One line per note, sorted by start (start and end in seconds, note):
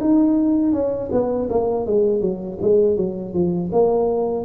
0.00 0.72 D#4
0.72 1.09 C#4
1.11 1.48 B3
1.49 1.86 A#3
1.86 2.21 G#3
2.21 2.58 F#3
2.61 2.97 G#3
2.97 3.34 F#3
3.34 3.71 F3
3.72 4.45 A#3